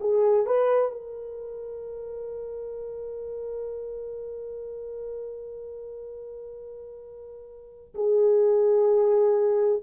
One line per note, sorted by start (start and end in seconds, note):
0.00 0.46 G#4
0.46 0.91 B4
0.91 7.94 A#4
7.95 9.82 G#4